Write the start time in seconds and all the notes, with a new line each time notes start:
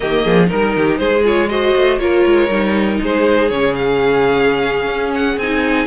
0.00 D#3 A#3 G4 D#5
0.23 F3 G#4
0.45 D#4 A#4
0.52 G3 A#4
0.76 D#3 G4
0.97 G#3 G#4 C5
1.23 F4 C#5
1.49 F#4 C5 D#5
1.75 A3
1.98 A#3 F4 A#4 C#5
2.25 G#3
2.49 G3 D#4
3.01 G#3 G#4 C5
3.49 C#3 C#4 C#5
3.75 F5
4.86 C#4
5.14 F#5
5.37 C4 D#4 G#5